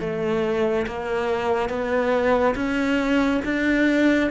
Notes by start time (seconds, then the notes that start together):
0.00 A3
0.86 A#3
1.69 B3
2.55 C#4
3.45 D4